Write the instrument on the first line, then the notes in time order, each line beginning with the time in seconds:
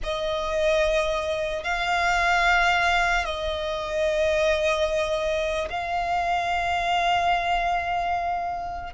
violin
0.03 D#5
1.63 F5
3.25 D#5
5.70 F5